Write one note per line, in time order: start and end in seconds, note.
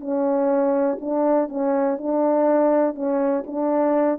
0.00 0.98 C#4
1.00 1.49 D4
1.49 1.98 C#4
1.98 2.95 D4
2.95 3.44 C#4
3.46 4.19 D4